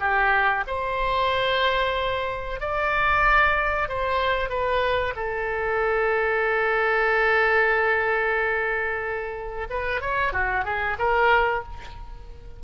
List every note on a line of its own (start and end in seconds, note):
0.00 0.65 G4
0.67 2.60 C5
2.60 3.89 D5
3.89 4.50 C5
4.50 5.14 B4
5.16 9.68 A4
9.70 10.01 B4
10.01 10.33 C#5
10.33 10.65 F#4
10.65 10.97 G#4
10.99 11.63 A#4